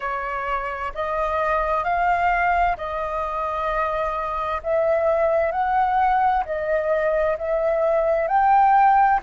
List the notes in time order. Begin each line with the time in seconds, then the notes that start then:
0.00 C#5
0.94 D#5
1.84 F5
2.77 D#5
4.63 E5
5.51 F#5
6.44 D#5
7.38 E5
8.27 G5